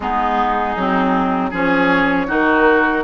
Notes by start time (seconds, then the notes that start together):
0.00 G#3 B3 D#4 G#4
0.76 F#3 C4
1.50 F3 C#4 G#4 C#5
2.27 D#3 D#4 F#4 A#4